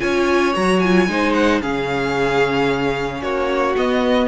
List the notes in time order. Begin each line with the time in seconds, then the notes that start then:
0.00 C#4 F4 C#5 G#5
0.54 F#3 F#4 A#5
0.80 F4 G#5
1.08 G#3 D#4 C5
1.34 F#5
1.62 C#3 C#4 G#4 F5
3.22 A#3 F#4 C#5
3.77 B3 D#5